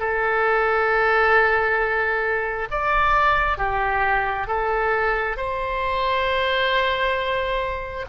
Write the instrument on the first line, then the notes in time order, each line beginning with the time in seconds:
oboe
0.00 A4
2.71 D5
3.58 G4
4.48 A4
5.37 C5